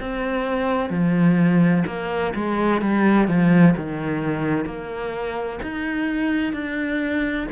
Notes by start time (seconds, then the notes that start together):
0.00 C4
0.90 F3
1.87 A#3
2.36 G#3
2.82 G3
3.28 F3
3.77 D#3
4.66 A#3
5.63 D#4
6.54 D4